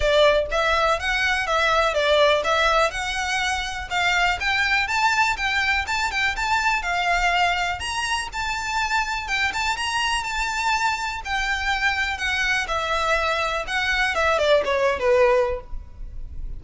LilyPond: \new Staff \with { instrumentName = "violin" } { \time 4/4 \tempo 4 = 123 d''4 e''4 fis''4 e''4 | d''4 e''4 fis''2 | f''4 g''4 a''4 g''4 | a''8 g''8 a''4 f''2 |
ais''4 a''2 g''8 a''8 | ais''4 a''2 g''4~ | g''4 fis''4 e''2 | fis''4 e''8 d''8 cis''8. b'4~ b'16 | }